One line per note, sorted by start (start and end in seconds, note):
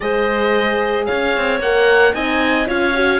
0.00 1.07 G#3
0.00 1.61 G#4
0.00 1.07 C5
0.00 1.05 D#5
1.05 1.36 C#4
1.05 2.14 C#5
1.05 1.59 F5
1.36 1.59 C4
1.59 2.13 A#3
1.59 2.14 A#4
1.59 2.14 F#5
2.14 2.67 C4
2.14 2.66 D#4
2.14 2.67 D#5
2.14 2.68 G#5
2.66 3.19 C#4
2.66 2.93 F4
2.66 3.19 C#5
2.66 3.19 F5
2.94 3.19 F#4